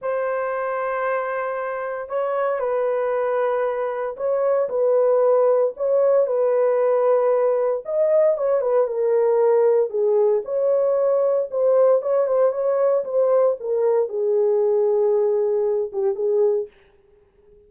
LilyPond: \new Staff \with { instrumentName = "horn" } { \time 4/4 \tempo 4 = 115 c''1 | cis''4 b'2. | cis''4 b'2 cis''4 | b'2. dis''4 |
cis''8 b'8 ais'2 gis'4 | cis''2 c''4 cis''8 c''8 | cis''4 c''4 ais'4 gis'4~ | gis'2~ gis'8 g'8 gis'4 | }